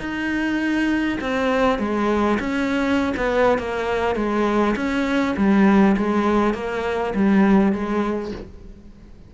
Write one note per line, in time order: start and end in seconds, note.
0.00 1.19 D#4
1.21 1.79 C4
1.79 2.38 G#3
2.40 3.14 C#4
3.17 3.59 B3
3.59 4.16 A#3
4.16 4.75 G#3
4.76 5.35 C#4
5.37 5.96 G3
5.97 6.54 G#3
6.54 7.14 A#3
7.15 7.73 G3
7.73 8.32 G#3